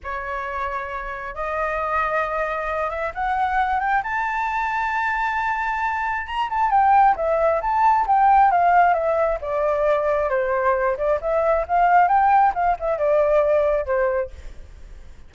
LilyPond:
\new Staff \with { instrumentName = "flute" } { \time 4/4 \tempo 4 = 134 cis''2. dis''4~ | dis''2~ dis''8 e''8 fis''4~ | fis''8 g''8 a''2.~ | a''2 ais''8 a''8 g''4 |
e''4 a''4 g''4 f''4 | e''4 d''2 c''4~ | c''8 d''8 e''4 f''4 g''4 | f''8 e''8 d''2 c''4 | }